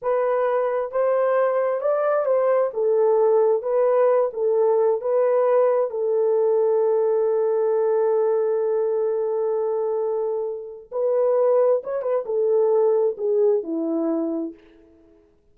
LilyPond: \new Staff \with { instrumentName = "horn" } { \time 4/4 \tempo 4 = 132 b'2 c''2 | d''4 c''4 a'2 | b'4. a'4. b'4~ | b'4 a'2.~ |
a'1~ | a'1 | b'2 cis''8 b'8 a'4~ | a'4 gis'4 e'2 | }